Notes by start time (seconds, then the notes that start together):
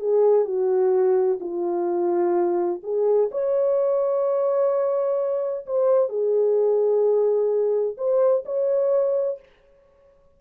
0.00 G#4
0.45 F#4
1.40 F4
2.83 G#4
3.32 C#5
5.66 C5
6.09 G#4
7.98 C5
8.46 C#5